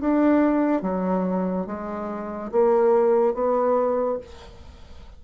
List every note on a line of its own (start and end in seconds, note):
0.00 0.81 D4
0.81 1.66 F#3
1.66 2.51 G#3
2.51 3.33 A#3
3.33 4.18 B3